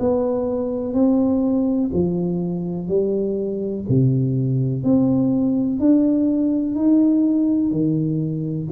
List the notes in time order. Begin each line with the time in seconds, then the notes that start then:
0.00 B3
0.94 C4
1.94 F3
2.89 G3
3.89 C3
4.84 C4
5.80 D4
6.76 D#4
7.72 D#3